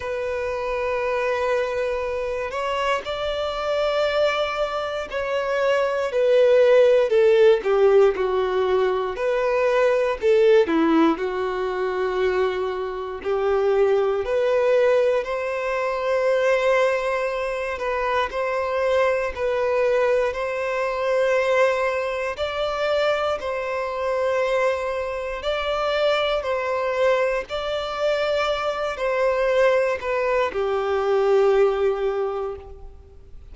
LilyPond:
\new Staff \with { instrumentName = "violin" } { \time 4/4 \tempo 4 = 59 b'2~ b'8 cis''8 d''4~ | d''4 cis''4 b'4 a'8 g'8 | fis'4 b'4 a'8 e'8 fis'4~ | fis'4 g'4 b'4 c''4~ |
c''4. b'8 c''4 b'4 | c''2 d''4 c''4~ | c''4 d''4 c''4 d''4~ | d''8 c''4 b'8 g'2 | }